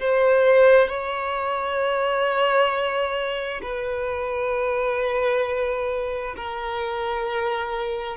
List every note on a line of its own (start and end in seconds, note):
0.00 0.88 C5
0.88 3.61 C#5
3.63 6.36 B4
6.37 8.17 A#4